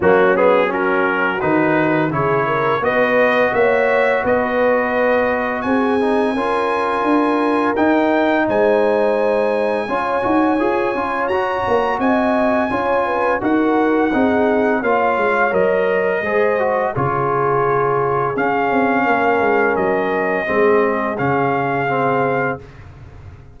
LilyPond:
<<
  \new Staff \with { instrumentName = "trumpet" } { \time 4/4 \tempo 4 = 85 fis'8 gis'8 ais'4 b'4 cis''4 | dis''4 e''4 dis''2 | gis''2. g''4 | gis''1 |
ais''4 gis''2 fis''4~ | fis''4 f''4 dis''2 | cis''2 f''2 | dis''2 f''2 | }
  \new Staff \with { instrumentName = "horn" } { \time 4/4 cis'4 fis'2 gis'8 ais'8 | b'4 cis''4 b'2 | gis'4 ais'2. | c''2 cis''2~ |
cis''4 dis''4 cis''8 b'8 ais'4 | gis'4 cis''2 c''4 | gis'2. ais'4~ | ais'4 gis'2. | }
  \new Staff \with { instrumentName = "trombone" } { \time 4/4 ais8 b8 cis'4 dis'4 e'4 | fis'1~ | fis'8 dis'8 f'2 dis'4~ | dis'2 f'8 fis'8 gis'8 f'8 |
fis'2 f'4 fis'4 | dis'4 f'4 ais'4 gis'8 fis'8 | f'2 cis'2~ | cis'4 c'4 cis'4 c'4 | }
  \new Staff \with { instrumentName = "tuba" } { \time 4/4 fis2 dis4 cis4 | b4 ais4 b2 | c'4 cis'4 d'4 dis'4 | gis2 cis'8 dis'8 f'8 cis'8 |
fis'8 ais8 c'4 cis'4 dis'4 | c'4 ais8 gis8 fis4 gis4 | cis2 cis'8 c'8 ais8 gis8 | fis4 gis4 cis2 | }
>>